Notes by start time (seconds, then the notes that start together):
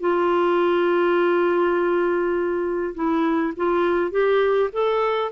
0.00 F4
2.94 E4
3.56 F4
4.11 G4
4.72 A4